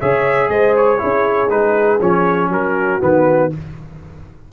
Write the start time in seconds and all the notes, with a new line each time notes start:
0.00 C#3 G#4 C#5 E5
0.49 G#3 C5 D#5
0.77 C#5
0.98 C#4 E4 G#4
1.50 G#3 D#4 B4
2.01 F3 C#4 C#5
2.49 F#3 F#4 A#4
3.00 D#3 B3 B4